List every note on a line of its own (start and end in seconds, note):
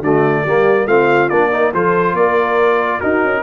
0.00 0.43 D3
0.00 0.46 A3
0.00 0.45 F#4
0.00 0.87 D5
0.45 0.86 G3
0.45 0.87 A#3
0.45 0.86 G4
0.86 1.29 A3
0.86 1.30 C4
0.86 1.50 F4
0.86 1.29 F5
1.29 1.73 A#3
1.29 1.51 D4
1.29 1.72 D5
1.51 1.73 D#4
1.51 1.73 A#4
1.73 2.13 F3
1.73 3.02 F4
1.73 2.16 A4
1.73 2.15 C5
2.13 2.99 A#3
2.13 2.99 A#4
2.13 3.00 D5
2.99 3.43 D#4
2.99 3.24 D#4
2.99 3.42 F#4
2.99 3.43 A#4
3.24 3.43 C#4